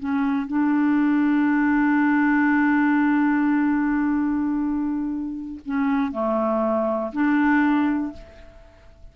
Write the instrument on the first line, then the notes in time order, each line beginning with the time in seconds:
clarinet
0.00 C#4
0.48 D4
5.66 C#4
6.12 A3
7.13 D4